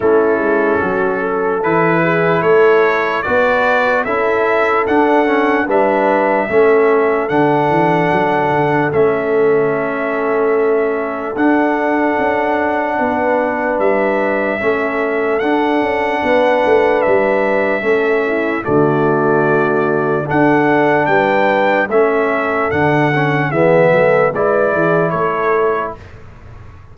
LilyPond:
<<
  \new Staff \with { instrumentName = "trumpet" } { \time 4/4 \tempo 4 = 74 a'2 b'4 cis''4 | d''4 e''4 fis''4 e''4~ | e''4 fis''2 e''4~ | e''2 fis''2~ |
fis''4 e''2 fis''4~ | fis''4 e''2 d''4~ | d''4 fis''4 g''4 e''4 | fis''4 e''4 d''4 cis''4 | }
  \new Staff \with { instrumentName = "horn" } { \time 4/4 e'4 fis'8 a'4 gis'8 a'4 | b'4 a'2 b'4 | a'1~ | a'1 |
b'2 a'2 | b'2 a'8 e'8 fis'4~ | fis'4 a'4 b'4 a'4~ | a'4 gis'8 a'8 b'8 gis'8 a'4 | }
  \new Staff \with { instrumentName = "trombone" } { \time 4/4 cis'2 e'2 | fis'4 e'4 d'8 cis'8 d'4 | cis'4 d'2 cis'4~ | cis'2 d'2~ |
d'2 cis'4 d'4~ | d'2 cis'4 a4~ | a4 d'2 cis'4 | d'8 cis'8 b4 e'2 | }
  \new Staff \with { instrumentName = "tuba" } { \time 4/4 a8 gis8 fis4 e4 a4 | b4 cis'4 d'4 g4 | a4 d8 e8 fis8 d8 a4~ | a2 d'4 cis'4 |
b4 g4 a4 d'8 cis'8 | b8 a8 g4 a4 d4~ | d4 d'4 g4 a4 | d4 e8 fis8 gis8 e8 a4 | }
>>